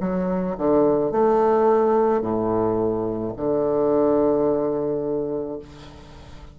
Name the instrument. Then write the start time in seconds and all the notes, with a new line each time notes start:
bassoon
0.00 F#3
0.57 D3
1.11 A3
2.21 A2
3.36 D3